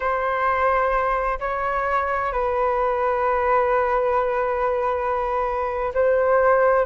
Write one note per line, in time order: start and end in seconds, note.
0.00 1.39 C5
1.39 2.32 C#5
2.32 5.92 B4
5.93 6.86 C5